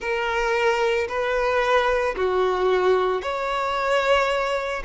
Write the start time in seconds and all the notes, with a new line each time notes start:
0.00 A#4
1.08 B4
2.16 F#4
3.21 C#5